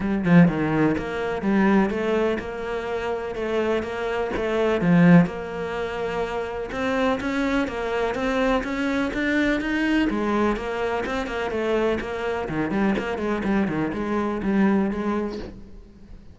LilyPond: \new Staff \with { instrumentName = "cello" } { \time 4/4 \tempo 4 = 125 g8 f8 dis4 ais4 g4 | a4 ais2 a4 | ais4 a4 f4 ais4~ | ais2 c'4 cis'4 |
ais4 c'4 cis'4 d'4 | dis'4 gis4 ais4 c'8 ais8 | a4 ais4 dis8 g8 ais8 gis8 | g8 dis8 gis4 g4 gis4 | }